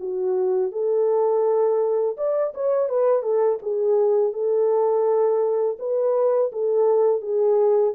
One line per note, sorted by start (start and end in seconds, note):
0.00 0.72 F#4
0.72 2.17 A4
2.17 2.53 D5
2.54 2.89 C#5
2.89 3.23 B4
3.23 3.59 A4
3.62 4.33 G#4
4.33 5.78 A4
5.79 6.52 B4
6.53 7.22 A4
7.22 7.94 G#4